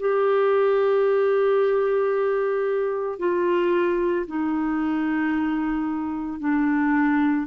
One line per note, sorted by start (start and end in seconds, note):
0.00 3.19 G4
3.19 4.26 F4
4.27 6.40 D#4
6.40 7.47 D4